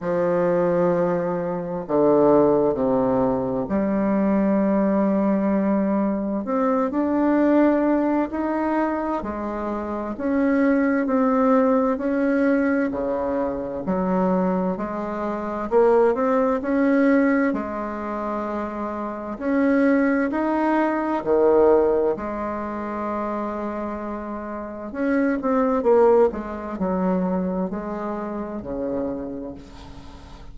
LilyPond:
\new Staff \with { instrumentName = "bassoon" } { \time 4/4 \tempo 4 = 65 f2 d4 c4 | g2. c'8 d'8~ | d'4 dis'4 gis4 cis'4 | c'4 cis'4 cis4 fis4 |
gis4 ais8 c'8 cis'4 gis4~ | gis4 cis'4 dis'4 dis4 | gis2. cis'8 c'8 | ais8 gis8 fis4 gis4 cis4 | }